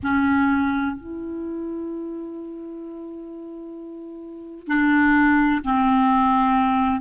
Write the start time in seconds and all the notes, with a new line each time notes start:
0.03 C#4
0.96 E4
4.67 D4
5.64 C4